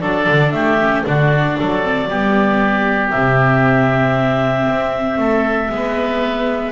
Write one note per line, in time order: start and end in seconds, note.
0.00 0.27 F#3
0.00 0.80 D4
0.00 0.53 A4
0.00 0.51 D5
0.29 0.52 D3
0.51 1.04 A3
0.51 1.06 G4
0.51 1.02 E5
0.81 1.05 C#4
1.05 1.58 D3
1.05 1.82 D4
1.05 1.59 F#4
1.05 3.10 D5
1.59 2.10 F#3
1.59 2.09 A4
1.83 2.09 C4
2.09 3.13 G3
2.09 3.14 B3
2.09 5.19 G4
3.10 4.67 C3
3.10 5.71 C4
3.10 6.72 E5
4.67 5.17 C4
5.17 5.69 A3
5.17 5.71 A4
5.69 6.72 G#3
5.69 6.72 B3
5.69 6.72 B4